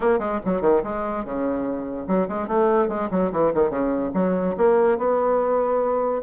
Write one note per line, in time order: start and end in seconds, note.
0.00 0.19 A#3
0.19 0.39 G#3
0.45 0.61 F#3
0.61 0.81 D#3
0.83 1.24 G#3
1.24 2.07 C#3
2.07 2.28 F#3
2.28 2.47 G#3
2.47 2.88 A3
2.88 3.09 G#3
3.10 3.31 F#3
3.31 3.52 E3
3.54 3.70 D#3
3.70 4.11 C#3
4.14 4.55 F#3
4.57 4.97 A#3
4.97 6.22 B3